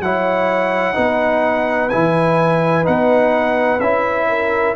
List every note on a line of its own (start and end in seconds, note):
0.00 0.95 F#3
0.00 0.94 E4
0.00 0.95 C#5
0.00 1.89 F#5
0.94 1.93 B3
0.94 1.89 D#4
0.94 4.28 B4
1.89 2.88 E3
1.89 2.84 E4
1.89 2.85 G#5
2.84 3.80 B3
2.84 3.79 D#4
2.84 3.80 F#5
3.80 4.75 C#4
3.80 4.76 E4
3.80 4.75 E5
4.29 4.76 A#4